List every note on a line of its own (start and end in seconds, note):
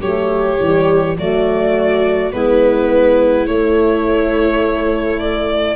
0.00 0.59 F#3
0.00 0.58 A3
0.00 1.16 G4
0.00 1.16 C#5
0.59 1.17 E3
0.59 1.16 G3
1.16 2.32 F#3
1.16 2.31 A3
1.16 2.33 F#4
1.16 2.32 D5
2.31 3.47 G#3
2.31 3.47 B3
2.31 5.76 E4
2.31 3.46 B4
3.46 5.76 A3
3.46 5.19 C#5
5.19 5.76 D5